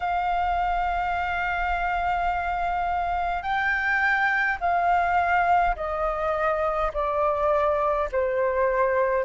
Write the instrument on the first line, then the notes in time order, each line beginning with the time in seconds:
flute
0.00 F5
3.42 G5
4.60 F5
5.76 D#5
6.93 D5
8.12 C5